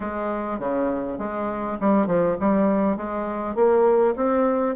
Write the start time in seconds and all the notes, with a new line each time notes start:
0.00 G#3
0.59 C#3
1.18 G#3
1.80 G3
2.07 F3
2.40 G3
2.96 G#3
3.55 A#3
4.16 C4